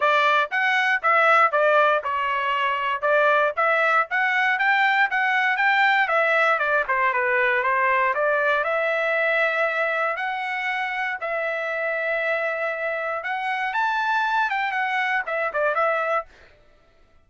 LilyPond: \new Staff \with { instrumentName = "trumpet" } { \time 4/4 \tempo 4 = 118 d''4 fis''4 e''4 d''4 | cis''2 d''4 e''4 | fis''4 g''4 fis''4 g''4 | e''4 d''8 c''8 b'4 c''4 |
d''4 e''2. | fis''2 e''2~ | e''2 fis''4 a''4~ | a''8 g''8 fis''4 e''8 d''8 e''4 | }